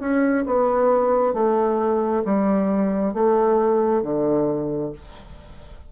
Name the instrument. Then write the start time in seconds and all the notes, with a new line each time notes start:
bassoon
0.00 C#4
0.46 B3
1.34 A3
2.25 G3
3.14 A3
4.03 D3